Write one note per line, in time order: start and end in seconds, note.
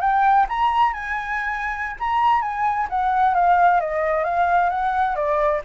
0.00 0.46 G5
0.49 0.93 A#5
0.93 1.96 G#5
1.99 2.41 A#5
2.41 2.87 G#5
2.89 3.34 F#5
3.34 3.80 F5
3.80 4.24 D#5
4.24 4.69 F5
4.69 5.15 F#5
5.15 5.61 D5